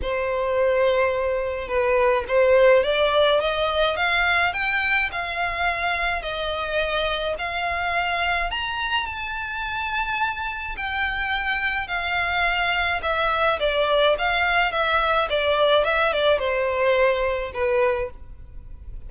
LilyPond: \new Staff \with { instrumentName = "violin" } { \time 4/4 \tempo 4 = 106 c''2. b'4 | c''4 d''4 dis''4 f''4 | g''4 f''2 dis''4~ | dis''4 f''2 ais''4 |
a''2. g''4~ | g''4 f''2 e''4 | d''4 f''4 e''4 d''4 | e''8 d''8 c''2 b'4 | }